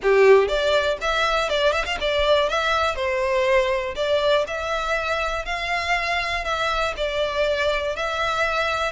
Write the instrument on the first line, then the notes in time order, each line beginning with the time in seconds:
violin
0.02 G4
0.48 D5
1.01 E5
1.49 D5
1.72 E5
1.85 F5
2.00 D5
2.49 E5
2.95 C5
3.95 D5
4.47 E5
5.45 F5
6.44 E5
6.96 D5
7.96 E5